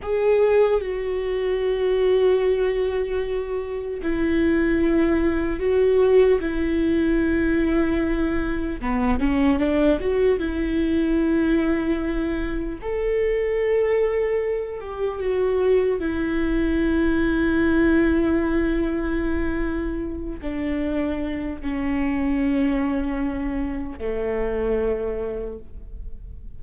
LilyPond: \new Staff \with { instrumentName = "viola" } { \time 4/4 \tempo 4 = 75 gis'4 fis'2.~ | fis'4 e'2 fis'4 | e'2. b8 cis'8 | d'8 fis'8 e'2. |
a'2~ a'8 g'8 fis'4 | e'1~ | e'4. d'4. cis'4~ | cis'2 a2 | }